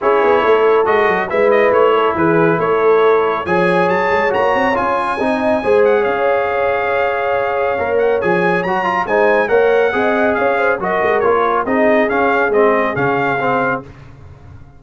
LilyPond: <<
  \new Staff \with { instrumentName = "trumpet" } { \time 4/4 \tempo 4 = 139 cis''2 dis''4 e''8 dis''8 | cis''4 b'4 cis''2 | gis''4 a''4 ais''4 gis''4~ | gis''4. fis''8 f''2~ |
f''2~ f''8 fis''8 gis''4 | ais''4 gis''4 fis''2 | f''4 dis''4 cis''4 dis''4 | f''4 dis''4 f''2 | }
  \new Staff \with { instrumentName = "horn" } { \time 4/4 gis'4 a'2 b'4~ | b'8 a'8 gis'4 a'2 | cis''1 | dis''4 c''4 cis''2~ |
cis''1~ | cis''4 c''4 cis''4 dis''4 | cis''8 c''8 ais'2 gis'4~ | gis'1 | }
  \new Staff \with { instrumentName = "trombone" } { \time 4/4 e'2 fis'4 e'4~ | e'1 | gis'2 fis'4 f'4 | dis'4 gis'2.~ |
gis'2 ais'4 gis'4 | fis'8 f'8 dis'4 ais'4 gis'4~ | gis'4 fis'4 f'4 dis'4 | cis'4 c'4 cis'4 c'4 | }
  \new Staff \with { instrumentName = "tuba" } { \time 4/4 cis'8 b8 a4 gis8 fis8 gis4 | a4 e4 a2 | f4 fis8 gis8 ais8 c'8 cis'4 | c'4 gis4 cis'2~ |
cis'2 ais4 f4 | fis4 gis4 ais4 c'4 | cis'4 fis8 gis8 ais4 c'4 | cis'4 gis4 cis2 | }
>>